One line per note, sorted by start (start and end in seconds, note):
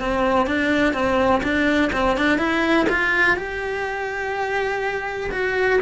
0.00 0.47 C4
0.47 0.93 D4
0.93 1.42 C4
1.43 1.91 D4
1.93 2.17 C4
2.17 2.38 D4
2.38 2.87 E4
2.89 3.37 F4
3.37 5.30 G4
5.31 5.80 F#4